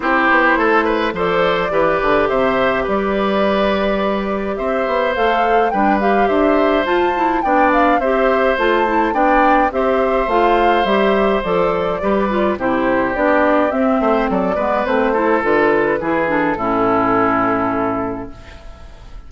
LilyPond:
<<
  \new Staff \with { instrumentName = "flute" } { \time 4/4 \tempo 4 = 105 c''2 d''2 | e''4 d''2. | e''4 f''4 g''8 f''8 e''4 | a''4 g''8 f''8 e''4 a''4 |
g''4 e''4 f''4 e''4 | d''2 c''4 d''4 | e''4 d''4 c''4 b'4~ | b'8 a'2.~ a'8 | }
  \new Staff \with { instrumentName = "oboe" } { \time 4/4 g'4 a'8 b'8 c''4 b'4 | c''4 b'2. | c''2 b'4 c''4~ | c''4 d''4 c''2 |
d''4 c''2.~ | c''4 b'4 g'2~ | g'8 c''8 a'8 b'4 a'4. | gis'4 e'2. | }
  \new Staff \with { instrumentName = "clarinet" } { \time 4/4 e'2 a'4 g'4~ | g'1~ | g'4 a'4 d'8 g'4. | f'8 e'8 d'4 g'4 f'8 e'8 |
d'4 g'4 f'4 g'4 | a'4 g'8 f'8 e'4 d'4 | c'4. b8 c'8 e'8 f'4 | e'8 d'8 cis'2. | }
  \new Staff \with { instrumentName = "bassoon" } { \time 4/4 c'8 b8 a4 f4 e8 d8 | c4 g2. | c'8 b8 a4 g4 d'4 | f'4 b4 c'4 a4 |
b4 c'4 a4 g4 | f4 g4 c4 b4 | c'8 a8 fis8 gis8 a4 d4 | e4 a,2. | }
>>